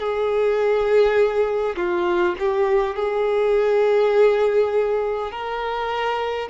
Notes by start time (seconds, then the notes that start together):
0.00 G#4
1.77 F4
2.40 G4
2.96 G#4
5.32 A#4